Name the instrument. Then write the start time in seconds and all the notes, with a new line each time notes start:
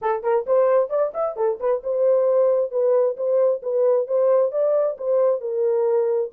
horn
0.01 A4
0.23 A#4
0.46 C5
0.89 D5
1.14 E5
1.36 A4
1.60 B4
1.83 C5
2.71 B4
3.16 C5
3.62 B4
4.07 C5
4.51 D5
4.97 C5
5.40 A#4